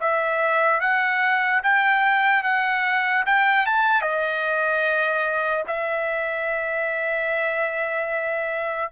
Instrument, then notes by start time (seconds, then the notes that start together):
trumpet
0.00 E5
0.80 F#5
1.63 G5
2.43 F#5
3.26 G5
3.66 A5
4.01 D#5
5.67 E5